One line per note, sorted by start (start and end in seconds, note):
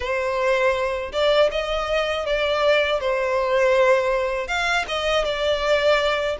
0.00 1.12 C5
1.12 1.50 D5
1.51 2.25 D#5
2.25 3.00 D5
3.00 4.47 C5
4.47 4.85 F5
4.88 5.24 D#5
5.24 6.36 D5